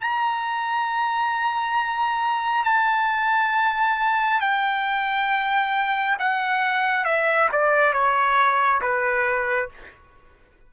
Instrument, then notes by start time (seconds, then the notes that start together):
trumpet
0.00 A#5
2.64 A5
4.40 G5
6.18 F#5
7.04 E5
7.52 D5
7.93 C#5
8.81 B4